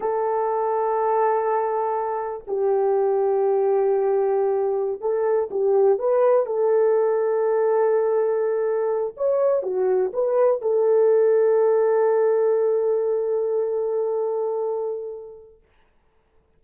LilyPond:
\new Staff \with { instrumentName = "horn" } { \time 4/4 \tempo 4 = 123 a'1~ | a'4 g'2.~ | g'2~ g'16 a'4 g'8.~ | g'16 b'4 a'2~ a'8.~ |
a'2~ a'8. cis''4 fis'16~ | fis'8. b'4 a'2~ a'16~ | a'1~ | a'1 | }